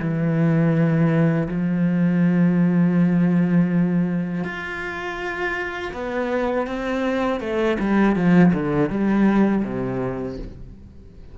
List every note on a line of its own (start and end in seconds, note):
0.00 1.48 E3
1.48 4.44 F3
4.44 5.93 F4
5.94 6.67 B3
6.67 7.41 C4
7.41 7.78 A3
7.80 8.16 G3
8.16 8.53 F3
8.54 8.90 D3
8.90 9.64 G3
9.65 10.39 C3